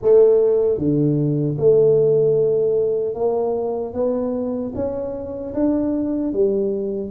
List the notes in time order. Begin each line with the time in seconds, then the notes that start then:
0.01 A3
0.78 D3
1.58 A3
3.14 A#3
3.93 B3
4.74 C#4
5.54 D4
6.32 G3